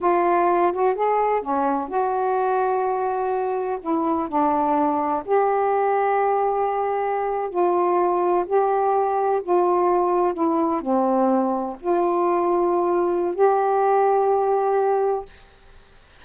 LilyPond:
\new Staff \with { instrumentName = "saxophone" } { \time 4/4 \tempo 4 = 126 f'4. fis'8 gis'4 cis'4 | fis'1 | e'4 d'2 g'4~ | g'2.~ g'8. f'16~ |
f'4.~ f'16 g'2 f'16~ | f'4.~ f'16 e'4 c'4~ c'16~ | c'8. f'2.~ f'16 | g'1 | }